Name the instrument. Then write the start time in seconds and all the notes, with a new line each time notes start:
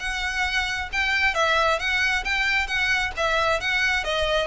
violin
0.00 F#5
0.93 G5
1.35 E5
1.80 F#5
2.25 G5
2.67 F#5
3.17 E5
3.61 F#5
4.05 D#5